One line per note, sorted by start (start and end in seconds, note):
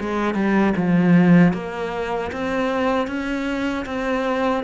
0.00 0.34 G#3
0.34 0.73 G3
0.77 1.53 F3
1.53 2.31 A#3
2.32 3.07 C4
3.07 3.85 C#4
3.86 4.64 C4